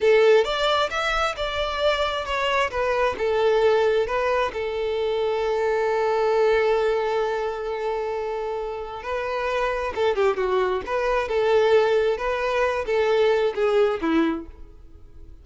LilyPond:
\new Staff \with { instrumentName = "violin" } { \time 4/4 \tempo 4 = 133 a'4 d''4 e''4 d''4~ | d''4 cis''4 b'4 a'4~ | a'4 b'4 a'2~ | a'1~ |
a'1 | b'2 a'8 g'8 fis'4 | b'4 a'2 b'4~ | b'8 a'4. gis'4 e'4 | }